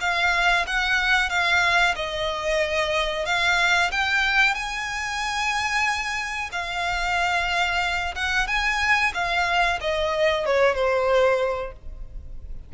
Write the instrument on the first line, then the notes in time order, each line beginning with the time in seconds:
violin
0.00 F5
0.67 F#5
1.29 F5
1.95 D#5
3.25 F5
3.91 G5
4.54 G#5
6.52 F5
8.15 F#5
8.47 G#5
9.14 F5
9.81 D#5
10.45 C#5
10.74 C5